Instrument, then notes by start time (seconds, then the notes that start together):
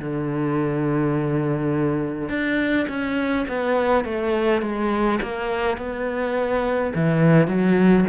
cello
0.00 D3
2.29 D4
2.89 C#4
3.49 B3
4.05 A3
4.62 G#3
5.23 A#3
5.78 B3
6.95 E3
7.48 F#3